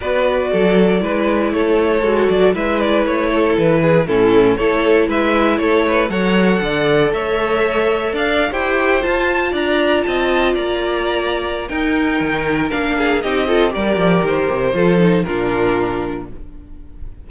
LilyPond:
<<
  \new Staff \with { instrumentName = "violin" } { \time 4/4 \tempo 4 = 118 d''2. cis''4~ | cis''8 d''8 e''8 d''8 cis''4 b'4 | a'4 cis''4 e''4 cis''4 | fis''2 e''2 |
f''8. g''4 a''4 ais''4 a''16~ | a''8. ais''2~ ais''16 g''4~ | g''4 f''4 dis''4 d''4 | c''2 ais'2 | }
  \new Staff \with { instrumentName = "violin" } { \time 4/4 b'4 a'4 b'4 a'4~ | a'4 b'4. a'4 gis'8 | e'4 a'4 b'4 a'8 b'8 | cis''4 d''4 cis''2 |
d''8. c''2 d''4 dis''16~ | dis''8. d''2~ d''16 ais'4~ | ais'4. gis'8 g'8 a'8 ais'4~ | ais'4 a'4 f'2 | }
  \new Staff \with { instrumentName = "viola" } { \time 4/4 fis'2 e'2 | fis'4 e'2. | cis'4 e'2. | a'1~ |
a'8. g'4 f'2~ f'16~ | f'2. dis'4~ | dis'4 d'4 dis'8 f'8 g'4~ | g'4 f'8 dis'8 d'2 | }
  \new Staff \with { instrumentName = "cello" } { \time 4/4 b4 fis4 gis4 a4 | gis8 fis8 gis4 a4 e4 | a,4 a4 gis4 a4 | fis4 d4 a2 |
d'8. e'4 f'4 d'4 c'16~ | c'8. ais2~ ais16 dis'4 | dis4 ais4 c'4 g8 f8 | dis8 c8 f4 ais,2 | }
>>